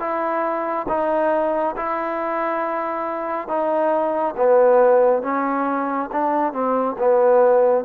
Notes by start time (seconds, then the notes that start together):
0.00 E4
0.89 D#4
1.77 E4
3.48 D#4
4.37 B3
5.23 C#4
6.12 D4
6.53 C4
6.99 B3